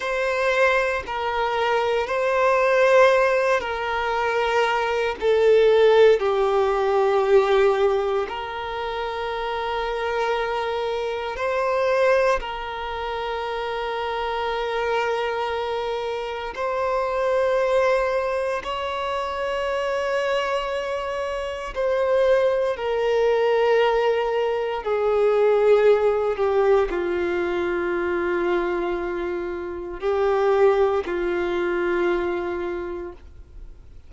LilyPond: \new Staff \with { instrumentName = "violin" } { \time 4/4 \tempo 4 = 58 c''4 ais'4 c''4. ais'8~ | ais'4 a'4 g'2 | ais'2. c''4 | ais'1 |
c''2 cis''2~ | cis''4 c''4 ais'2 | gis'4. g'8 f'2~ | f'4 g'4 f'2 | }